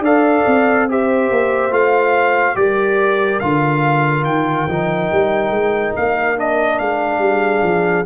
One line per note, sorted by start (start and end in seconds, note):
0.00 0.42 D4
0.00 0.89 A4
0.00 0.86 D5
0.00 0.89 F5
0.46 1.30 C4
0.89 1.71 G4
0.89 2.57 C5
0.89 1.73 E5
1.30 1.71 A#3
1.71 2.55 A3
1.71 2.55 F4
1.71 2.56 F5
2.55 3.41 G3
2.55 3.40 G4
2.55 7.22 A#4
2.55 3.40 D5
3.40 4.24 D3
3.40 4.69 F4
3.40 4.24 F5
4.24 4.67 D#3
4.24 5.93 G5
4.67 5.10 F3
4.67 6.37 D#4
5.12 5.50 G3
5.50 5.92 G#3
5.96 6.80 A#3
5.96 6.38 F5
6.37 8.06 D4
6.37 6.79 D#5
6.79 7.19 G#3
6.79 8.06 F5
7.19 7.61 G3
7.19 8.06 G#4
7.63 8.05 F3